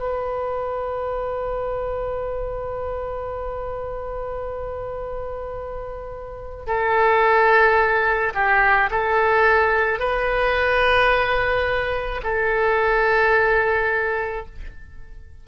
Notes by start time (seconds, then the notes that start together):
0.00 B4
6.67 A4
8.34 G4
8.91 A4
10.00 B4
12.24 A4